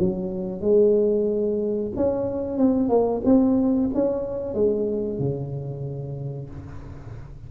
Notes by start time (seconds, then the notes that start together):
0.00 F#3
0.61 G#3
1.97 C#4
2.58 C4
2.89 A#3
3.25 C4
3.95 C#4
4.54 G#3
5.19 C#3